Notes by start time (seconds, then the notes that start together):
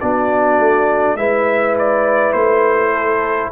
0.00 B3 D4 F#4 D5
0.58 A3
1.15 G#3 E4 B4 E5
1.79 D5
2.32 A3 C5
2.92 A4